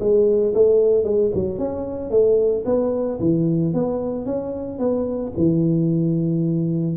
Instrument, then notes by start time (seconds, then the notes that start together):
tuba
0.00 G#3
0.55 A3
1.04 G#3
1.34 F#3
1.58 C#4
2.11 A3
2.65 B3
3.20 E3
3.74 B3
4.25 C#4
4.79 B3
5.37 E3